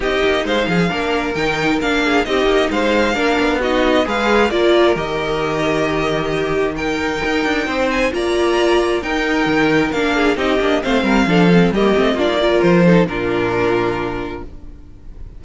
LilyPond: <<
  \new Staff \with { instrumentName = "violin" } { \time 4/4 \tempo 4 = 133 dis''4 f''2 g''4 | f''4 dis''4 f''2 | dis''4 f''4 d''4 dis''4~ | dis''2. g''4~ |
g''4. gis''8 ais''2 | g''2 f''4 dis''4 | f''2 dis''4 d''4 | c''4 ais'2. | }
  \new Staff \with { instrumentName = "violin" } { \time 4/4 g'4 c''8 gis'8 ais'2~ | ais'8 gis'8 g'4 c''4 ais'4 | fis'4 b'4 ais'2~ | ais'2 g'4 ais'4~ |
ais'4 c''4 d''2 | ais'2~ ais'8 gis'8 g'4 | c''8 ais'8 a'4 g'4 f'8 ais'8~ | ais'8 a'8 f'2. | }
  \new Staff \with { instrumentName = "viola" } { \time 4/4 dis'2 d'4 dis'4 | d'4 dis'2 d'4 | dis'4 gis'4 f'4 g'4~ | g'2. dis'4~ |
dis'2 f'2 | dis'2 d'4 dis'8 d'8 | c'4 d'8 c'8 ais8 c'8 d'16 dis'16 f'8~ | f'8 dis'8 d'2. | }
  \new Staff \with { instrumentName = "cello" } { \time 4/4 c'8 ais8 gis8 f8 ais4 dis4 | ais4 c'8 ais8 gis4 ais8 b8~ | b4 gis4 ais4 dis4~ | dis1 |
dis'8 d'8 c'4 ais2 | dis'4 dis4 ais4 c'8 ais8 | a8 g8 f4 g8 a8 ais4 | f4 ais,2. | }
>>